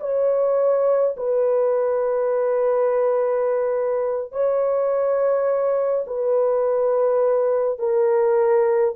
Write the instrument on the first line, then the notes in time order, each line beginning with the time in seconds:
horn
0.00 C#5
1.16 B4
4.32 C#5
6.07 B4
7.79 A#4